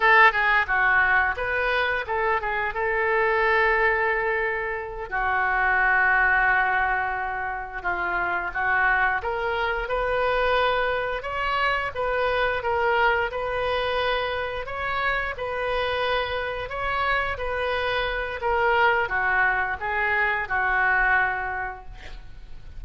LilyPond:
\new Staff \with { instrumentName = "oboe" } { \time 4/4 \tempo 4 = 88 a'8 gis'8 fis'4 b'4 a'8 gis'8 | a'2.~ a'8 fis'8~ | fis'2.~ fis'8 f'8~ | f'8 fis'4 ais'4 b'4.~ |
b'8 cis''4 b'4 ais'4 b'8~ | b'4. cis''4 b'4.~ | b'8 cis''4 b'4. ais'4 | fis'4 gis'4 fis'2 | }